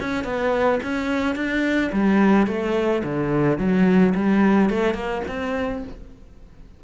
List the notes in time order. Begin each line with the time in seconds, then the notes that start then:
0.00 C#4
0.24 B3
0.83 C#4
1.36 D4
1.92 G3
2.47 A3
3.04 D3
3.58 F#3
4.15 G3
4.70 A3
4.94 A#3
5.28 C4